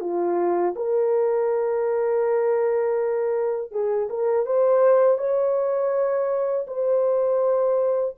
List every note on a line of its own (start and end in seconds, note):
0.00 0.74 F4
0.75 3.71 A#4
3.71 4.08 G#4
4.09 4.45 A#4
4.45 5.18 C5
5.18 6.66 C#5
6.67 8.15 C5